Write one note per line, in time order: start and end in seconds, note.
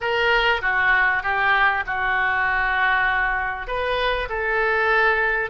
0.00 0.61 A#4
0.61 1.22 F#4
1.22 1.84 G4
1.86 3.67 F#4
3.67 4.28 B4
4.29 5.50 A4